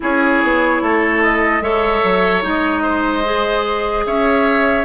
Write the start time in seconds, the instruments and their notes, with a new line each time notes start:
0.00 bassoon C#4, clarinet E4, oboe G#4, flute C#5
0.43 bassoon B3
0.82 bassoon A3, oboe A4
1.22 flute D#5
1.61 bassoon G#3, clarinet A4, oboe C#5, flute E5
2.03 bassoon F#3
2.42 bassoon G#3, clarinet D#4, flute D#5
2.82 oboe C5
3.24 clarinet G#4
4.06 bassoon C#4, oboe C#5, flute E5